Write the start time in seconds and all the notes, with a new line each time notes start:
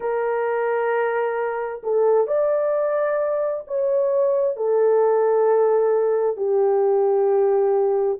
0.00 A#4
1.83 A4
2.27 D5
3.67 C#5
4.56 A4
6.36 G4